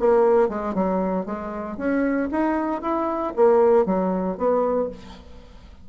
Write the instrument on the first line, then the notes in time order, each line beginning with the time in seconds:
bassoon
0.00 A#3
0.49 G#3
0.75 F#3
1.26 G#3
1.78 C#4
2.32 D#4
2.82 E4
3.36 A#3
3.86 F#3
4.38 B3